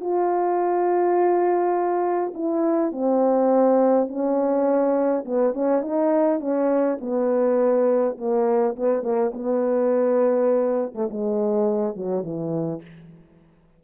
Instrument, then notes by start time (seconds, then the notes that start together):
horn
0.00 F4
2.34 E4
2.92 C4
4.08 C#4
5.25 B3
5.53 C#4
5.81 D#4
6.40 C#4
7.00 B3
8.17 A#3
8.75 B3
9.02 A#3
9.33 B3
10.94 A3
11.10 G#3
11.95 F#3
12.23 E3